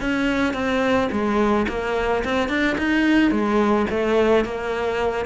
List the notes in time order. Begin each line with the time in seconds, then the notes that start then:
0.00 C#4
0.53 C4
1.11 G#3
1.68 A#3
2.24 C4
2.48 D4
2.77 D#4
3.31 G#3
3.90 A3
4.45 A#3